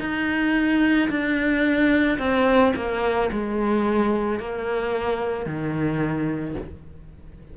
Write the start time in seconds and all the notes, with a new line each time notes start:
0.00 D#4
1.10 D4
2.19 C4
2.76 A#3
3.32 G#3
4.40 A#3
5.46 D#3